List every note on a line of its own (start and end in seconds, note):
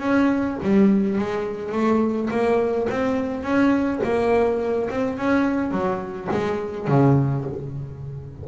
0.00 0.57 C#4
0.63 1.19 G3
1.19 1.72 G#3
1.72 2.30 A3
2.31 2.88 A#3
2.90 3.44 C4
3.44 4.01 C#4
4.04 4.90 A#3
4.91 5.18 C4
5.18 5.71 C#4
5.71 6.29 F#3
6.32 6.88 G#3
6.88 7.45 C#3